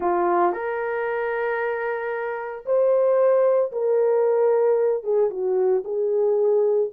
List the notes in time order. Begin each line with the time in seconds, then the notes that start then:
0.00 F4
0.52 A#4
2.65 C5
3.72 A#4
5.03 G#4
5.30 F#4
5.84 G#4